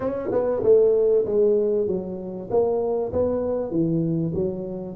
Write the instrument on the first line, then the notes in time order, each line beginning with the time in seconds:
tuba
0.00 C#4
0.31 B3
0.63 A3
1.25 G#3
1.87 F#3
2.50 A#3
3.12 B3
3.70 E3
4.34 F#3